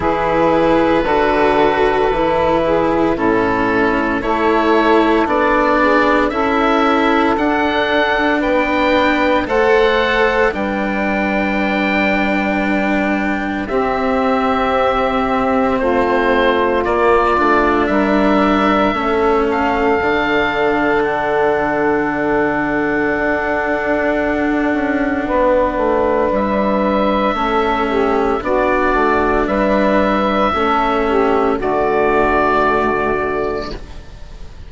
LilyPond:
<<
  \new Staff \with { instrumentName = "oboe" } { \time 4/4 \tempo 4 = 57 b'2. a'4 | cis''4 d''4 e''4 fis''4 | g''4 fis''4 g''2~ | g''4 e''2 c''4 |
d''4 e''4. f''4. | fis''1~ | fis''4 e''2 d''4 | e''2 d''2 | }
  \new Staff \with { instrumentName = "saxophone" } { \time 4/4 gis'4 a'4. gis'8 e'4 | a'4. gis'8 a'2 | b'4 c''4 b'2~ | b'4 g'2 f'4~ |
f'4 ais'4 a'2~ | a'1 | b'2 a'8 g'8 fis'4 | b'4 a'8 g'8 fis'2 | }
  \new Staff \with { instrumentName = "cello" } { \time 4/4 e'4 fis'4 e'4 cis'4 | e'4 d'4 e'4 d'4~ | d'4 a'4 d'2~ | d'4 c'2. |
ais8 d'4. cis'4 d'4~ | d'1~ | d'2 cis'4 d'4~ | d'4 cis'4 a2 | }
  \new Staff \with { instrumentName = "bassoon" } { \time 4/4 e4 d4 e4 a,4 | a4 b4 cis'4 d'4 | b4 a4 g2~ | g4 c'2 a4 |
ais8 a8 g4 a4 d4~ | d2 d'4. cis'8 | b8 a8 g4 a4 b8 a8 | g4 a4 d2 | }
>>